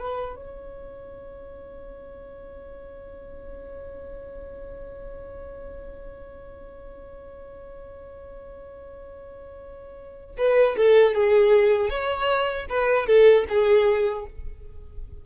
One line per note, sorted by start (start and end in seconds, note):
0.00 0.36 B4
0.36 10.36 C#5
10.38 10.76 B4
10.77 11.15 A4
11.15 11.90 G#4
11.90 12.67 C#5
12.70 13.07 B4
13.07 13.45 A4
13.49 14.26 G#4